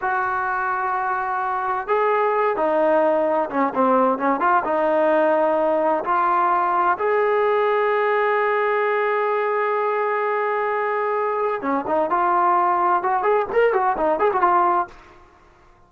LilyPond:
\new Staff \with { instrumentName = "trombone" } { \time 4/4 \tempo 4 = 129 fis'1 | gis'4. dis'2 cis'8 | c'4 cis'8 f'8 dis'2~ | dis'4 f'2 gis'4~ |
gis'1~ | gis'1~ | gis'4 cis'8 dis'8 f'2 | fis'8 gis'8 ais'8 fis'8 dis'8 gis'16 fis'16 f'4 | }